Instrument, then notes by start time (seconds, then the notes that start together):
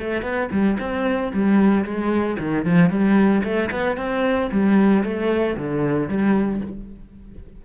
cello
0.00 A3
0.23 B3
0.52 G3
0.80 C4
1.34 G3
1.85 G#3
2.40 D#3
2.66 F3
2.90 G3
3.44 A3
3.71 B3
3.98 C4
4.52 G3
5.04 A3
5.58 D3
6.08 G3